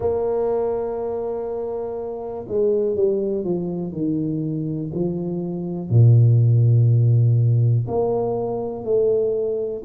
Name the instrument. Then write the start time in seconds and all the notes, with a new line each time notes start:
tuba
0.00 A#3
2.48 G#3
2.95 G3
3.43 F3
3.92 D#3
4.94 F3
5.89 A#2
7.87 A#3
8.84 A3